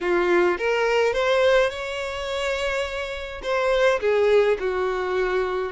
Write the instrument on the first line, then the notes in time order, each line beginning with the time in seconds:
violin
0.01 F4
0.58 A#4
1.13 C5
1.70 C#5
3.42 C5
4.00 G#4
4.59 F#4